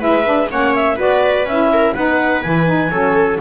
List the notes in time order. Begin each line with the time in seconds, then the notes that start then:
0.00 G#3 E4 B4 E5
0.25 D4
0.50 A#3 C#4 C#5 F#5
0.75 E5
0.96 B3 F#4 B4 D5
1.45 C#4 E4 E5
1.73 A#4
1.94 B3 D#4 B4 F#5
2.43 E3 E4 G#5
2.67 D#4
2.90 F#3 C#4 A4